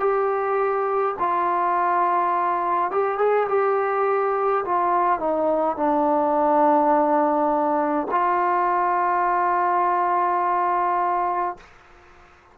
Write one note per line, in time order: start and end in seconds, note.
0.00 1.15 G4
1.19 2.91 F4
2.91 3.18 G4
3.18 3.47 G#4
3.49 4.64 G4
4.65 5.20 F4
5.20 5.77 D#4
5.77 8.08 D4
8.11 11.58 F4